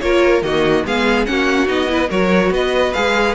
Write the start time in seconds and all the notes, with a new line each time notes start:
0.00 A#3 F4 A#4 C#5
0.42 D#3 A#3 F#4 D#5
0.85 G#3 B3 G#4 F5
1.25 A#3 C#4 F#4 F#5
1.66 B3 D#4 D#5
1.88 E4 B4
2.09 F#3 F#4 A#4 C#5
2.50 B3 B4 D#5
2.93 G#3 G#4 F5